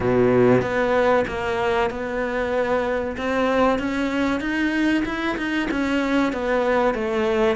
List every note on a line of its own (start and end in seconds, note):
0.00 0.61 B2
0.61 1.24 B3
1.27 1.90 A#3
1.90 3.16 B3
3.17 3.78 C4
3.78 4.40 C#4
4.40 5.03 D#4
5.05 5.37 E4
5.37 5.68 D#4
5.70 6.32 C#4
6.32 6.94 B3
6.94 7.56 A3